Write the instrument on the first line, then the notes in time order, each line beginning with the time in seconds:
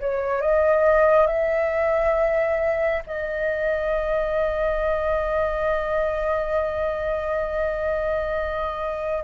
flute
0.00 C#5
0.41 D#5
1.27 E5
3.06 D#5